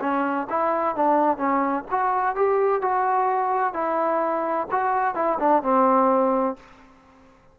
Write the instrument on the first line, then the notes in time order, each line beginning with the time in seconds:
trombone
0.00 C#4
0.49 E4
0.95 D4
1.37 C#4
1.90 F#4
2.35 G4
2.81 F#4
3.73 E4
4.71 F#4
5.14 E4
5.39 D4
5.62 C4